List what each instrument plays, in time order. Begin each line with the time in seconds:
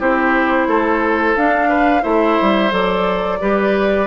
0.00 bassoon C4, clarinet E4, oboe G4, flute C5
0.68 bassoon A3, oboe A4
1.37 bassoon D4, clarinet D4, flute F5
1.69 oboe B4
2.02 bassoon A3, clarinet E4, oboe C5, flute E5
2.42 bassoon G3
2.71 bassoon F#3, clarinet A4, flute D5
3.41 bassoon G3, clarinet G4, oboe B4